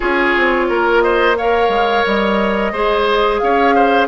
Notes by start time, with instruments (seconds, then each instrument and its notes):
0.00 bassoon C#4, clarinet F4, oboe G#4, flute C#5
0.36 bassoon C4
0.69 bassoon A#3, oboe A#4
1.01 oboe C5, flute D#5
1.37 clarinet A#4, oboe C#5, flute F5
1.68 bassoon G#3
2.06 bassoon G3, flute D#5
2.72 bassoon G#3, clarinet G#4, oboe C5
3.38 bassoon C#4, oboe C#5, flute F5
3.75 oboe C5